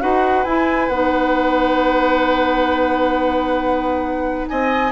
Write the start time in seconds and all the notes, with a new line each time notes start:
0.00 D#4 F#4 B4 F#5
0.44 E4 G#5
0.89 B3 D#4 F#5
4.48 C4 D#5 G#5